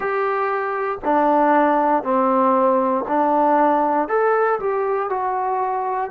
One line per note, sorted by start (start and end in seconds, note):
0.00 0.98 G4
1.04 2.03 D4
2.03 3.05 C4
3.07 4.08 D4
4.08 4.59 A4
4.59 5.09 G4
5.09 6.10 F#4